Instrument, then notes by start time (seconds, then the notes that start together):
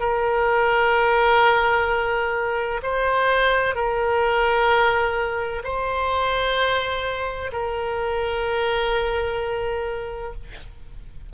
oboe
0.00 A#4
2.83 C5
3.75 A#4
5.64 C5
7.53 A#4